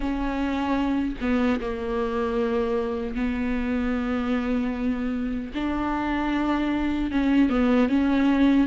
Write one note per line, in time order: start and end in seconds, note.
0.00 1.16 C#4
1.20 1.60 B3
1.60 3.15 A#3
3.15 5.52 B3
5.54 7.11 D4
7.11 7.49 C#4
7.49 7.88 B3
7.88 8.67 C#4